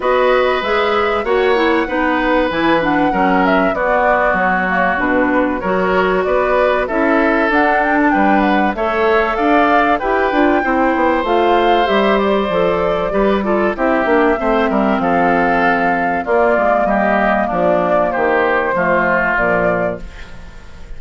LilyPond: <<
  \new Staff \with { instrumentName = "flute" } { \time 4/4 \tempo 4 = 96 dis''4 e''4 fis''2 | gis''8 fis''4 e''8 d''4 cis''4 | b'4 cis''4 d''4 e''4 | fis''8 g''16 a''16 g''8 fis''8 e''4 f''4 |
g''2 f''4 e''8 d''8~ | d''2 e''2 | f''2 d''4 dis''4 | d''4 c''2 d''4 | }
  \new Staff \with { instrumentName = "oboe" } { \time 4/4 b'2 cis''4 b'4~ | b'4 ais'4 fis'2~ | fis'4 ais'4 b'4 a'4~ | a'4 b'4 cis''4 d''4 |
b'4 c''2.~ | c''4 b'8 a'8 g'4 c''8 ais'8 | a'2 f'4 g'4 | d'4 g'4 f'2 | }
  \new Staff \with { instrumentName = "clarinet" } { \time 4/4 fis'4 gis'4 fis'8 e'8 dis'4 | e'8 d'8 cis'4 b4. ais8 | d'4 fis'2 e'4 | d'2 a'2 |
g'8 f'8 e'4 f'4 g'4 | a'4 g'8 f'8 e'8 d'8 c'4~ | c'2 ais2~ | ais2 a4 f4 | }
  \new Staff \with { instrumentName = "bassoon" } { \time 4/4 b4 gis4 ais4 b4 | e4 fis4 b4 fis4 | b,4 fis4 b4 cis'4 | d'4 g4 a4 d'4 |
e'8 d'8 c'8 b8 a4 g4 | f4 g4 c'8 ais8 a8 g8 | f2 ais8 gis8 g4 | f4 dis4 f4 ais,4 | }
>>